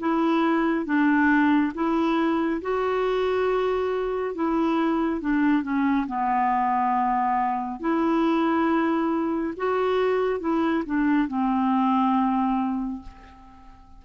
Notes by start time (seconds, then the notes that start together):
0.00 E4
0.86 D4
1.75 E4
2.62 F#4
4.35 E4
5.21 D4
5.63 C#4
6.08 B3
7.80 E4
9.57 F#4
10.40 E4
10.86 D4
11.28 C4